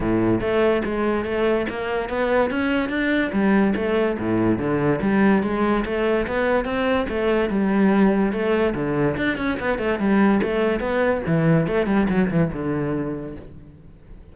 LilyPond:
\new Staff \with { instrumentName = "cello" } { \time 4/4 \tempo 4 = 144 a,4 a4 gis4 a4 | ais4 b4 cis'4 d'4 | g4 a4 a,4 d4 | g4 gis4 a4 b4 |
c'4 a4 g2 | a4 d4 d'8 cis'8 b8 a8 | g4 a4 b4 e4 | a8 g8 fis8 e8 d2 | }